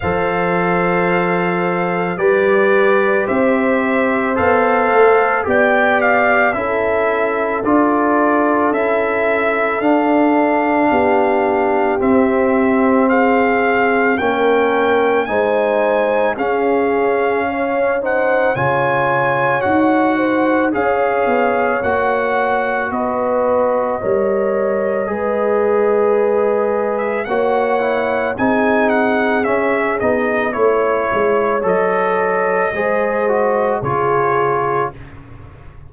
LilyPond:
<<
  \new Staff \with { instrumentName = "trumpet" } { \time 4/4 \tempo 4 = 55 f''2 d''4 e''4 | f''4 g''8 f''8 e''4 d''4 | e''4 f''2 e''4 | f''4 g''4 gis''4 f''4~ |
f''8 fis''8 gis''4 fis''4 f''4 | fis''4 dis''2.~ | dis''8. e''16 fis''4 gis''8 fis''8 e''8 dis''8 | cis''4 dis''2 cis''4 | }
  \new Staff \with { instrumentName = "horn" } { \time 4/4 c''2 b'4 c''4~ | c''4 d''4 a'2~ | a'2 g'2 | gis'4 ais'4 c''4 gis'4 |
cis''8 c''8 cis''4. c''8 cis''4~ | cis''4 b'4 cis''4 b'4~ | b'4 cis''4 gis'2 | cis''2 c''4 gis'4 | }
  \new Staff \with { instrumentName = "trombone" } { \time 4/4 a'2 g'2 | a'4 g'4 e'4 f'4 | e'4 d'2 c'4~ | c'4 cis'4 dis'4 cis'4~ |
cis'8 dis'8 f'4 fis'4 gis'4 | fis'2 ais'4 gis'4~ | gis'4 fis'8 e'8 dis'4 cis'8 dis'8 | e'4 a'4 gis'8 fis'8 f'4 | }
  \new Staff \with { instrumentName = "tuba" } { \time 4/4 f2 g4 c'4 | b8 a8 b4 cis'4 d'4 | cis'4 d'4 b4 c'4~ | c'4 ais4 gis4 cis'4~ |
cis'4 cis4 dis'4 cis'8 b8 | ais4 b4 g4 gis4~ | gis4 ais4 c'4 cis'8 b8 | a8 gis8 fis4 gis4 cis4 | }
>>